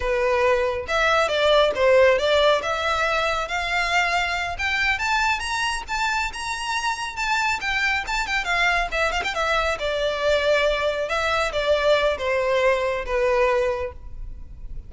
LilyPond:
\new Staff \with { instrumentName = "violin" } { \time 4/4 \tempo 4 = 138 b'2 e''4 d''4 | c''4 d''4 e''2 | f''2~ f''8 g''4 a''8~ | a''8 ais''4 a''4 ais''4.~ |
ais''8 a''4 g''4 a''8 g''8 f''8~ | f''8 e''8 f''16 g''16 e''4 d''4.~ | d''4. e''4 d''4. | c''2 b'2 | }